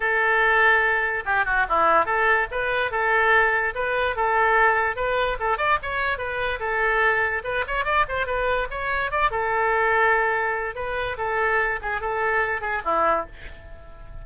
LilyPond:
\new Staff \with { instrumentName = "oboe" } { \time 4/4 \tempo 4 = 145 a'2. g'8 fis'8 | e'4 a'4 b'4 a'4~ | a'4 b'4 a'2 | b'4 a'8 d''8 cis''4 b'4 |
a'2 b'8 cis''8 d''8 c''8 | b'4 cis''4 d''8 a'4.~ | a'2 b'4 a'4~ | a'8 gis'8 a'4. gis'8 e'4 | }